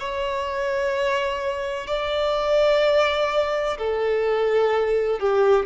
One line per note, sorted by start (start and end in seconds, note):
0.00 1.87 C#5
1.87 3.77 D5
3.78 5.20 A4
5.20 5.66 G4